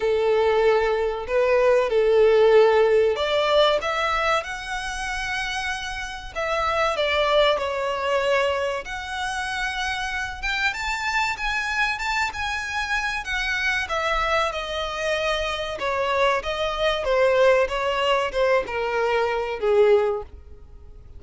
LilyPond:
\new Staff \with { instrumentName = "violin" } { \time 4/4 \tempo 4 = 95 a'2 b'4 a'4~ | a'4 d''4 e''4 fis''4~ | fis''2 e''4 d''4 | cis''2 fis''2~ |
fis''8 g''8 a''4 gis''4 a''8 gis''8~ | gis''4 fis''4 e''4 dis''4~ | dis''4 cis''4 dis''4 c''4 | cis''4 c''8 ais'4. gis'4 | }